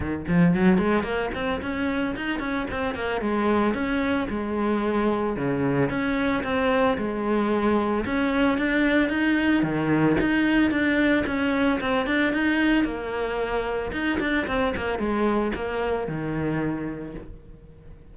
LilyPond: \new Staff \with { instrumentName = "cello" } { \time 4/4 \tempo 4 = 112 dis8 f8 fis8 gis8 ais8 c'8 cis'4 | dis'8 cis'8 c'8 ais8 gis4 cis'4 | gis2 cis4 cis'4 | c'4 gis2 cis'4 |
d'4 dis'4 dis4 dis'4 | d'4 cis'4 c'8 d'8 dis'4 | ais2 dis'8 d'8 c'8 ais8 | gis4 ais4 dis2 | }